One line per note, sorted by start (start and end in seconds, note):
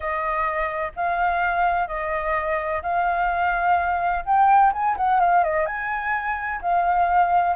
0.00 0.92 D#5
0.96 1.87 F5
1.87 2.82 D#5
2.82 4.24 F5
4.25 4.72 G5
4.72 4.96 G#5
4.96 5.20 F#5
5.20 5.43 F5
5.43 5.66 D#5
5.66 6.60 G#5
6.61 7.56 F5